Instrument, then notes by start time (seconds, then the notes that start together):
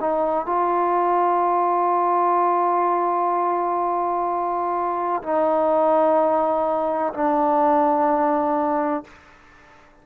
trombone
0.00 D#4
0.46 F4
5.23 D#4
7.13 D4